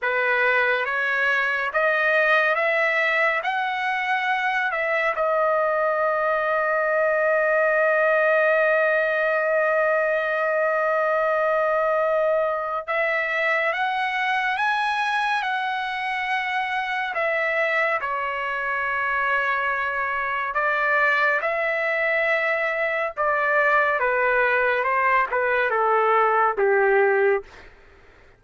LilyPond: \new Staff \with { instrumentName = "trumpet" } { \time 4/4 \tempo 4 = 70 b'4 cis''4 dis''4 e''4 | fis''4. e''8 dis''2~ | dis''1~ | dis''2. e''4 |
fis''4 gis''4 fis''2 | e''4 cis''2. | d''4 e''2 d''4 | b'4 c''8 b'8 a'4 g'4 | }